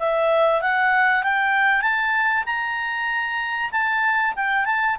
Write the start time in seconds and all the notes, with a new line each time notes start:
0.00 E5
0.62 F#5
1.24 G5
1.82 A5
2.46 A#5
3.72 A5
4.36 G5
4.65 A5